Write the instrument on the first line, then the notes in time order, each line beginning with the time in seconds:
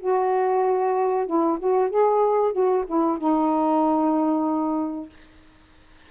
saxophone
0.00 F#4
1.27 E4
1.60 F#4
1.90 G#4
2.53 F#4
2.87 E4
3.19 D#4